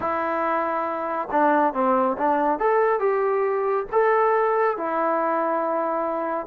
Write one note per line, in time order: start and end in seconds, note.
0.00 1.28 E4
1.31 1.73 D4
1.73 2.16 C4
2.17 2.59 D4
2.59 2.99 A4
2.99 3.85 G4
3.92 4.77 A4
4.77 6.46 E4